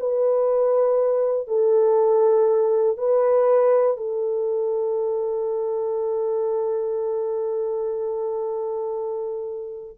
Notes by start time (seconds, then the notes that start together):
0.00 B4
1.48 A4
2.98 B4
3.97 A4